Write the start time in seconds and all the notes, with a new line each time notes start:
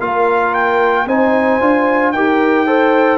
0.00 A#3 F4 A#4 F5
0.54 G5
1.06 C4 D#4 C5 G#5
1.61 D4 F4
2.12 D#4 G4 A#4 G5
2.67 A4 C5